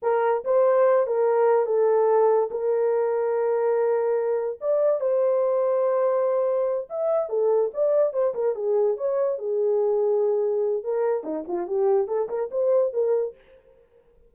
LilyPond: \new Staff \with { instrumentName = "horn" } { \time 4/4 \tempo 4 = 144 ais'4 c''4. ais'4. | a'2 ais'2~ | ais'2. d''4 | c''1~ |
c''8 e''4 a'4 d''4 c''8 | ais'8 gis'4 cis''4 gis'4.~ | gis'2 ais'4 dis'8 f'8 | g'4 a'8 ais'8 c''4 ais'4 | }